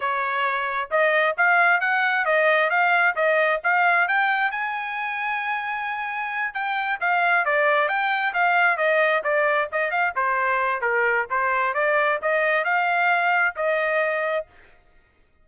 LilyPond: \new Staff \with { instrumentName = "trumpet" } { \time 4/4 \tempo 4 = 133 cis''2 dis''4 f''4 | fis''4 dis''4 f''4 dis''4 | f''4 g''4 gis''2~ | gis''2~ gis''8 g''4 f''8~ |
f''8 d''4 g''4 f''4 dis''8~ | dis''8 d''4 dis''8 f''8 c''4. | ais'4 c''4 d''4 dis''4 | f''2 dis''2 | }